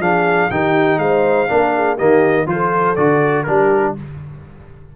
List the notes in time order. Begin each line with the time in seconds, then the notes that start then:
0.00 F3 D4 G#4 F5
0.51 D#3 D#4 G4 G5
0.98 G#3 C5 F5
1.49 A#3 D4 A#4
1.75 G#4
1.96 D#3 A#3 G4 D#5
2.47 F3 F4 A4 C5
2.96 D3 F#4 D5
3.44 G3 D4 G4 A#4